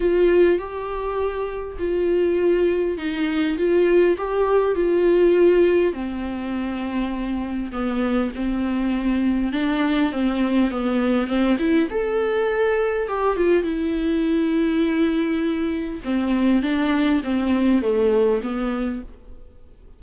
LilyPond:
\new Staff \with { instrumentName = "viola" } { \time 4/4 \tempo 4 = 101 f'4 g'2 f'4~ | f'4 dis'4 f'4 g'4 | f'2 c'2~ | c'4 b4 c'2 |
d'4 c'4 b4 c'8 e'8 | a'2 g'8 f'8 e'4~ | e'2. c'4 | d'4 c'4 a4 b4 | }